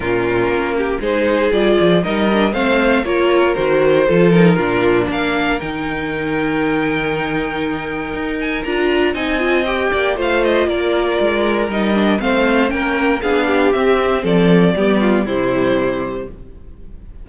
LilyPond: <<
  \new Staff \with { instrumentName = "violin" } { \time 4/4 \tempo 4 = 118 ais'2 c''4 d''4 | dis''4 f''4 cis''4 c''4~ | c''8 ais'4. f''4 g''4~ | g''1~ |
g''8 gis''8 ais''4 gis''4 g''4 | f''8 dis''8 d''2 dis''4 | f''4 g''4 f''4 e''4 | d''2 c''2 | }
  \new Staff \with { instrumentName = "violin" } { \time 4/4 f'4. g'8 gis'2 | ais'4 c''4 ais'2 | a'4 f'4 ais'2~ | ais'1~ |
ais'2 dis''4. d''8 | c''4 ais'2. | c''4 ais'4 gis'8 g'4. | a'4 g'8 f'8 e'2 | }
  \new Staff \with { instrumentName = "viola" } { \time 4/4 cis'2 dis'4 f'4 | dis'8 d'8 c'4 f'4 fis'4 | f'8 dis'8 d'2 dis'4~ | dis'1~ |
dis'4 f'4 dis'8 f'8 g'4 | f'2. dis'8 d'8 | c'4 cis'4 d'4 c'4~ | c'4 b4 g2 | }
  \new Staff \with { instrumentName = "cello" } { \time 4/4 ais,4 ais4 gis4 g8 f8 | g4 a4 ais4 dis4 | f4 ais,4 ais4 dis4~ | dis1 |
dis'4 d'4 c'4. ais8 | a4 ais4 gis4 g4 | a4 ais4 b4 c'4 | f4 g4 c2 | }
>>